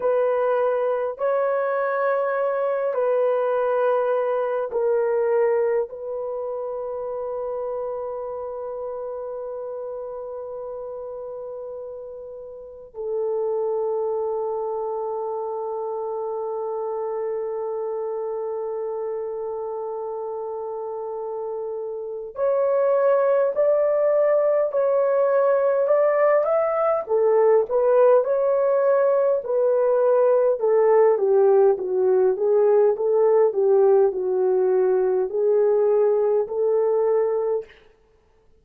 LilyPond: \new Staff \with { instrumentName = "horn" } { \time 4/4 \tempo 4 = 51 b'4 cis''4. b'4. | ais'4 b'2.~ | b'2. a'4~ | a'1~ |
a'2. cis''4 | d''4 cis''4 d''8 e''8 a'8 b'8 | cis''4 b'4 a'8 g'8 fis'8 gis'8 | a'8 g'8 fis'4 gis'4 a'4 | }